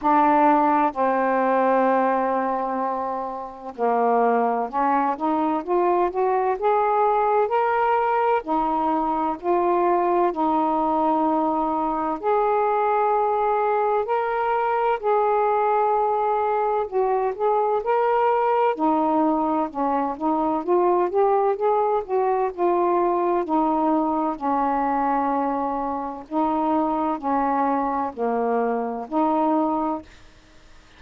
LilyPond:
\new Staff \with { instrumentName = "saxophone" } { \time 4/4 \tempo 4 = 64 d'4 c'2. | ais4 cis'8 dis'8 f'8 fis'8 gis'4 | ais'4 dis'4 f'4 dis'4~ | dis'4 gis'2 ais'4 |
gis'2 fis'8 gis'8 ais'4 | dis'4 cis'8 dis'8 f'8 g'8 gis'8 fis'8 | f'4 dis'4 cis'2 | dis'4 cis'4 ais4 dis'4 | }